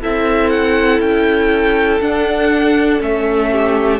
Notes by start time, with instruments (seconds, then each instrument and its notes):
0.00 cello C4, viola E4, violin A4 E5
0.50 violin F#5
1.00 cello C#4, violin G5
2.00 cello D4, viola D4, violin F#5
3.00 cello A3, viola C#4, violin E5
3.51 violin G4